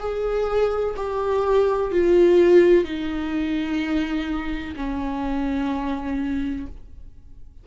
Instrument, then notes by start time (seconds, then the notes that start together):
viola
0.00 G#4
0.97 G4
1.92 F4
2.84 D#4
4.76 C#4